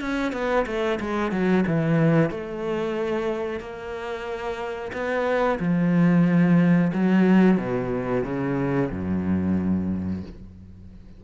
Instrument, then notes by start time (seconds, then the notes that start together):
cello
0.00 C#4
0.32 B3
0.66 A3
1.00 G#3
1.31 F#3
1.66 E3
2.30 A3
3.60 A#3
4.93 B3
5.60 F3
6.93 F#3
7.57 B2
8.24 C#3
8.91 F#2